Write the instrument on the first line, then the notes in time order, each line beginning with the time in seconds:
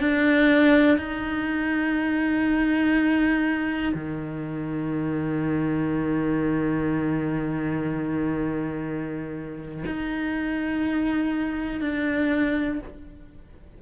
cello
0.00 D4
0.98 D#4
3.94 D#3
9.86 D#4
11.81 D4